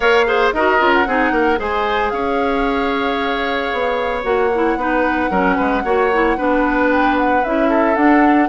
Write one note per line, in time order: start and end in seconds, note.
0.00 0.51 A#3
0.00 0.26 A#4
0.00 0.26 C#5
0.00 0.52 F5
0.26 0.53 G#4
0.26 0.54 C5
0.52 0.79 D#4
0.52 0.78 F#4
0.52 1.07 A#4
0.52 0.92 D#5
0.78 1.06 C#4
0.78 1.05 F4
0.92 1.59 F#5
1.06 1.31 C4
1.06 1.57 D#4
1.06 1.32 G#4
1.31 1.58 A#3
1.31 1.59 A#4
1.57 2.12 G#3
1.57 4.22 G#4
1.57 2.12 C5
1.57 2.10 G#5
2.10 3.71 C#4
2.10 4.78 C#5
2.10 4.22 F5
3.72 4.24 B3
4.23 4.76 A#3
4.23 4.49 F#4
4.23 6.89 F#5
4.55 4.78 E4
4.76 5.29 B3
4.76 5.30 D#4
4.76 5.30 B4
5.30 5.57 F#3
5.30 5.84 C#4
5.30 5.56 A#4
5.56 5.83 G#3
5.56 5.82 B4
5.83 6.37 A#3
5.83 6.11 F#4
5.83 6.37 C#5
6.13 6.37 E4
6.37 7.44 B3
6.37 7.43 D4
6.37 7.69 B4
6.89 7.16 G5
7.17 7.43 F#5
7.44 7.95 C#4
7.44 7.96 E4
7.44 7.95 E5
7.69 8.48 A4
7.95 8.48 D4
7.95 8.48 F#5